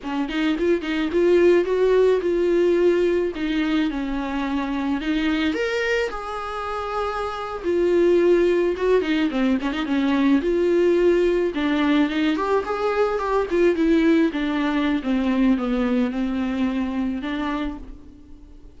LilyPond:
\new Staff \with { instrumentName = "viola" } { \time 4/4 \tempo 4 = 108 cis'8 dis'8 f'8 dis'8 f'4 fis'4 | f'2 dis'4 cis'4~ | cis'4 dis'4 ais'4 gis'4~ | gis'4.~ gis'16 f'2 fis'16~ |
fis'16 dis'8 c'8 cis'16 dis'16 cis'4 f'4~ f'16~ | f'8. d'4 dis'8 g'8 gis'4 g'16~ | g'16 f'8 e'4 d'4~ d'16 c'4 | b4 c'2 d'4 | }